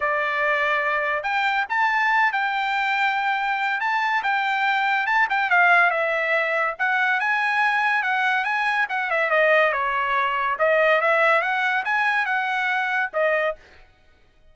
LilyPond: \new Staff \with { instrumentName = "trumpet" } { \time 4/4 \tempo 4 = 142 d''2. g''4 | a''4. g''2~ g''8~ | g''4 a''4 g''2 | a''8 g''8 f''4 e''2 |
fis''4 gis''2 fis''4 | gis''4 fis''8 e''8 dis''4 cis''4~ | cis''4 dis''4 e''4 fis''4 | gis''4 fis''2 dis''4 | }